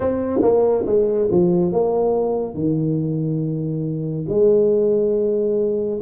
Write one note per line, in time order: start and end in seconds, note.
0.00 0.40 C4
0.41 0.84 A#3
0.86 1.29 G#3
1.31 1.72 F3
1.72 2.54 A#3
2.54 4.25 D#3
4.29 6.00 G#3